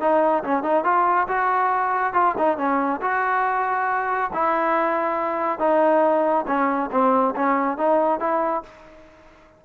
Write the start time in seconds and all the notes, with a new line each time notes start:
0.00 D#4
0.44 C#4
0.63 D#4
0.84 F4
1.28 F#4
2.13 F4
2.38 D#4
2.57 C#4
3.01 F#4
4.33 E4
5.59 D#4
6.47 C#4
6.91 C4
7.35 C#4
7.77 D#4
8.20 E4